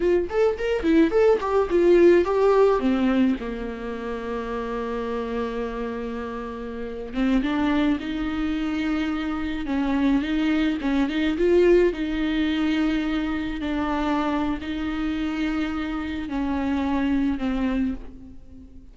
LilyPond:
\new Staff \with { instrumentName = "viola" } { \time 4/4 \tempo 4 = 107 f'8 a'8 ais'8 e'8 a'8 g'8 f'4 | g'4 c'4 ais2~ | ais1~ | ais8. c'8 d'4 dis'4.~ dis'16~ |
dis'4~ dis'16 cis'4 dis'4 cis'8 dis'16~ | dis'16 f'4 dis'2~ dis'8.~ | dis'16 d'4.~ d'16 dis'2~ | dis'4 cis'2 c'4 | }